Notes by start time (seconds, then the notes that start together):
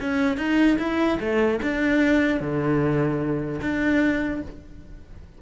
0.00 C#4
0.37 D#4
0.78 E4
1.19 A3
1.62 D4
2.40 D3
3.61 D4